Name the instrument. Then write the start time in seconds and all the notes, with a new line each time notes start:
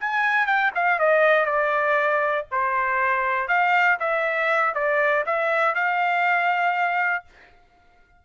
trumpet
0.00 G#5
0.46 G5
0.75 F5
0.99 D#5
1.46 D5
2.51 C5
3.48 F5
3.99 E5
4.74 D5
5.26 E5
5.75 F5